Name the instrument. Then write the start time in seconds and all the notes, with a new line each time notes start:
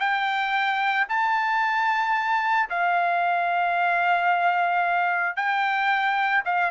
trumpet
0.00 G5
1.09 A5
2.70 F5
5.36 G5
6.45 F5